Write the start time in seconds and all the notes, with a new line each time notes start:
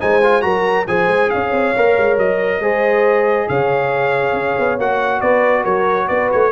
0.00 G#3 D#4 C5 G#5
0.23 F4
0.42 F#3 F#4 A#4 A#5
0.88 F3 G#4 C5 G#5
1.08 G#3
1.31 C#4 C#5 F5
1.52 C4
1.77 A#3 A#4
1.98 G#3
2.18 F#3 D#5
2.60 G#3 G#4 C5
3.49 C#3 C#5 F5
4.33 C#4
4.59 B3
4.78 A#3 F#4 F#5
5.21 B3 B4 D5
5.63 F#3 A#4 C#5
6.08 B3 B4 D5
6.32 A3 C#5